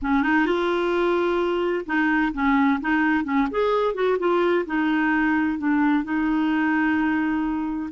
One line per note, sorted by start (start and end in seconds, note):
0.01 0.22 C#4
0.22 0.45 D#4
0.45 1.85 F4
1.86 2.32 D#4
2.33 2.80 C#4
2.81 3.24 D#4
3.24 3.47 C#4
3.50 3.94 G#4
3.94 4.17 F#4
4.18 4.65 F4
4.66 5.58 D#4
5.58 6.04 D4
6.04 7.90 D#4